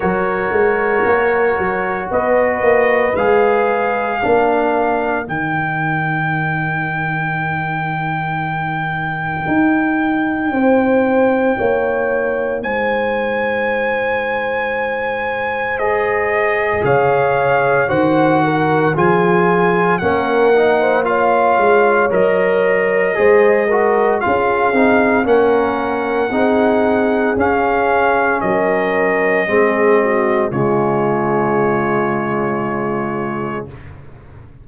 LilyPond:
<<
  \new Staff \with { instrumentName = "trumpet" } { \time 4/4 \tempo 4 = 57 cis''2 dis''4 f''4~ | f''4 g''2.~ | g''1 | gis''2. dis''4 |
f''4 fis''4 gis''4 fis''4 | f''4 dis''2 f''4 | fis''2 f''4 dis''4~ | dis''4 cis''2. | }
  \new Staff \with { instrumentName = "horn" } { \time 4/4 ais'2 b'2 | ais'1~ | ais'2 c''4 cis''4 | c''1 |
cis''4 c''8 ais'8 gis'4 ais'8. c''16 | cis''2 c''8 ais'8 gis'4 | ais'4 gis'2 ais'4 | gis'8 fis'8 f'2. | }
  \new Staff \with { instrumentName = "trombone" } { \time 4/4 fis'2. gis'4 | d'4 dis'2.~ | dis'1~ | dis'2. gis'4~ |
gis'4 fis'4 f'4 cis'8 dis'8 | f'4 ais'4 gis'8 fis'8 f'8 dis'8 | cis'4 dis'4 cis'2 | c'4 gis2. | }
  \new Staff \with { instrumentName = "tuba" } { \time 4/4 fis8 gis8 ais8 fis8 b8 ais8 gis4 | ais4 dis2.~ | dis4 dis'4 c'4 ais4 | gis1 |
cis4 dis4 f4 ais4~ | ais8 gis8 fis4 gis4 cis'8 c'8 | ais4 c'4 cis'4 fis4 | gis4 cis2. | }
>>